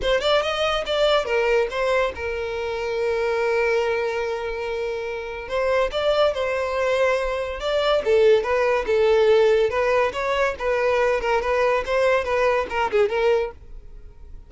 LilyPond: \new Staff \with { instrumentName = "violin" } { \time 4/4 \tempo 4 = 142 c''8 d''8 dis''4 d''4 ais'4 | c''4 ais'2.~ | ais'1~ | ais'4 c''4 d''4 c''4~ |
c''2 d''4 a'4 | b'4 a'2 b'4 | cis''4 b'4. ais'8 b'4 | c''4 b'4 ais'8 gis'8 ais'4 | }